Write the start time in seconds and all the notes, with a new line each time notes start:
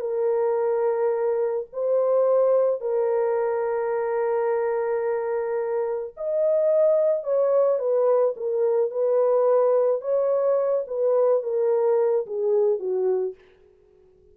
0.00 A#4
1.73 C5
2.81 A#4
6.17 D#5
7.23 C#5
7.79 B4
8.36 A#4
8.91 B4
10.01 C#5
10.87 B4
11.43 A#4
12.27 G#4
12.79 F#4